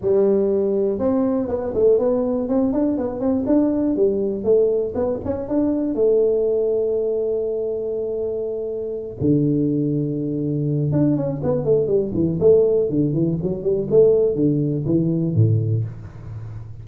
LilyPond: \new Staff \with { instrumentName = "tuba" } { \time 4/4 \tempo 4 = 121 g2 c'4 b8 a8 | b4 c'8 d'8 b8 c'8 d'4 | g4 a4 b8 cis'8 d'4 | a1~ |
a2~ a8 d4.~ | d2 d'8 cis'8 b8 a8 | g8 e8 a4 d8 e8 fis8 g8 | a4 d4 e4 a,4 | }